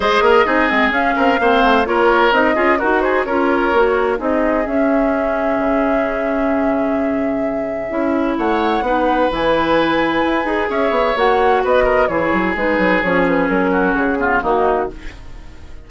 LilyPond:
<<
  \new Staff \with { instrumentName = "flute" } { \time 4/4 \tempo 4 = 129 dis''2 f''2 | cis''4 dis''4 ais'8 c''8 cis''4~ | cis''4 dis''4 e''2~ | e''1~ |
e''2 fis''2 | gis''2. e''4 | fis''4 dis''4 cis''4 b'4 | cis''8 b'8 ais'4 gis'4 fis'4 | }
  \new Staff \with { instrumentName = "oboe" } { \time 4/4 c''8 ais'8 gis'4. ais'8 c''4 | ais'4. gis'8 fis'8 gis'8 ais'4~ | ais'4 gis'2.~ | gis'1~ |
gis'2 cis''4 b'4~ | b'2. cis''4~ | cis''4 b'8 ais'8 gis'2~ | gis'4. fis'4 f'8 dis'4 | }
  \new Staff \with { instrumentName = "clarinet" } { \time 4/4 gis'4 dis'8 c'8 cis'4 c'4 | f'4 dis'8 f'8 fis'4 f'4 | fis'4 dis'4 cis'2~ | cis'1~ |
cis'4 e'2 dis'4 | e'2~ e'8 gis'4. | fis'2 e'4 dis'4 | cis'2~ cis'8 b8 ais4 | }
  \new Staff \with { instrumentName = "bassoon" } { \time 4/4 gis8 ais8 c'8 gis8 cis'8 c'8 ais8 a8 | ais4 c'8 cis'8 dis'4 cis'4 | ais4 c'4 cis'2 | cis1~ |
cis4 cis'4 a4 b4 | e2 e'8 dis'8 cis'8 b8 | ais4 b4 e8 fis8 gis8 fis8 | f4 fis4 cis4 dis4 | }
>>